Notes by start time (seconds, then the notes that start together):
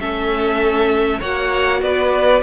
0.00 A3 C#4 A4 E5
1.20 A#3 F#4 C#5 F#5
1.82 B3 B4 D5